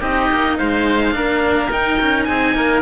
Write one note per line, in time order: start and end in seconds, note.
0.00 0.29 C4
0.00 1.11 D#4
0.00 0.57 G4
0.00 0.58 D#5
0.31 0.59 A#3
0.58 1.14 G#3
0.58 1.14 C5
0.58 1.71 F5
1.11 1.71 A#3
1.11 1.68 D4
1.11 2.29 A#4
1.70 2.81 D#4
1.70 1.99 D#4
1.70 2.24 G5
2.00 2.28 C#4
2.24 2.54 C4
2.24 2.56 G#4
2.24 2.81 G#5
2.54 2.81 A#3
2.54 2.81 A#4